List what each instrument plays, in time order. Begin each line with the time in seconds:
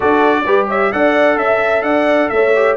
0.00 tuba D4, trombone F#4, horn A4, trumpet D5
0.45 tuba G3, trombone G4, horn B4
0.67 horn C#5, trumpet E5
0.92 tuba D4, trombone A4, horn D5, trumpet F#5
1.36 tuba C#4, trumpet E5, horn E5
1.82 tuba D4, horn D5, trumpet F#5
2.29 tuba A3, horn C#5, trumpet E5
2.55 trombone G4